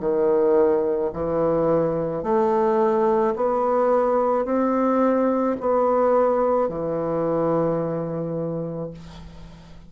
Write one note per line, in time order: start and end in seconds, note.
0.00 1.11 D#3
1.14 2.24 E3
2.24 3.35 A3
3.36 4.45 B3
4.45 5.57 C4
5.61 6.69 B3
6.69 8.91 E3